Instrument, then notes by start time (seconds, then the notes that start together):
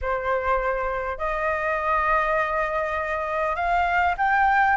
flute
0.01 C5
1.17 D#5
3.55 F5
4.17 G5